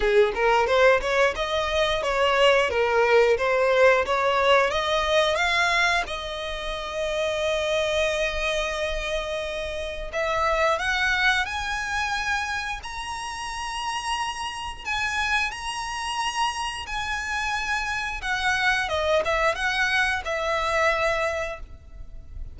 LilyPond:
\new Staff \with { instrumentName = "violin" } { \time 4/4 \tempo 4 = 89 gis'8 ais'8 c''8 cis''8 dis''4 cis''4 | ais'4 c''4 cis''4 dis''4 | f''4 dis''2.~ | dis''2. e''4 |
fis''4 gis''2 ais''4~ | ais''2 gis''4 ais''4~ | ais''4 gis''2 fis''4 | dis''8 e''8 fis''4 e''2 | }